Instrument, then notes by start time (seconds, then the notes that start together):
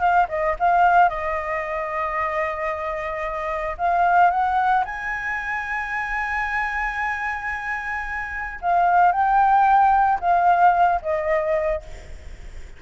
flute
0.00 F5
0.29 D#5
0.60 F5
1.09 D#5
3.78 F5
4.31 F#5
4.85 G#5
8.62 F5
9.12 G5
10.21 F5
11.02 D#5